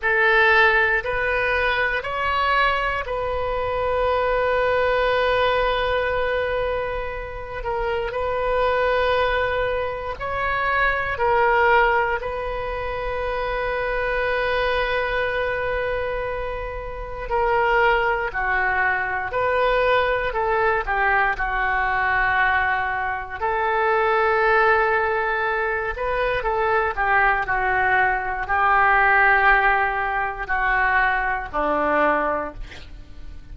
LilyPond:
\new Staff \with { instrumentName = "oboe" } { \time 4/4 \tempo 4 = 59 a'4 b'4 cis''4 b'4~ | b'2.~ b'8 ais'8 | b'2 cis''4 ais'4 | b'1~ |
b'4 ais'4 fis'4 b'4 | a'8 g'8 fis'2 a'4~ | a'4. b'8 a'8 g'8 fis'4 | g'2 fis'4 d'4 | }